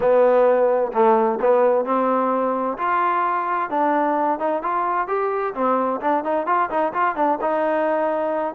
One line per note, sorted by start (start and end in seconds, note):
0.00 0.91 B3
0.93 1.39 A3
1.41 1.85 B3
1.85 2.77 C4
2.78 3.70 F4
3.70 4.39 D4
4.39 4.62 D#4
4.62 5.07 F4
5.07 5.53 G4
5.54 6.00 C4
6.01 6.24 D4
6.24 6.46 D#4
6.46 6.69 F4
6.69 6.93 D#4
6.93 7.15 F4
7.15 7.38 D4
7.41 8.54 D#4